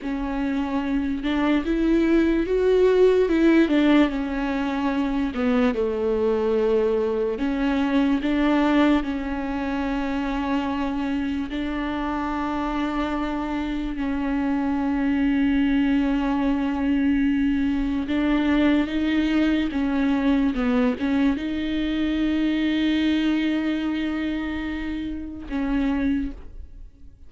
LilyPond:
\new Staff \with { instrumentName = "viola" } { \time 4/4 \tempo 4 = 73 cis'4. d'8 e'4 fis'4 | e'8 d'8 cis'4. b8 a4~ | a4 cis'4 d'4 cis'4~ | cis'2 d'2~ |
d'4 cis'2.~ | cis'2 d'4 dis'4 | cis'4 b8 cis'8 dis'2~ | dis'2. cis'4 | }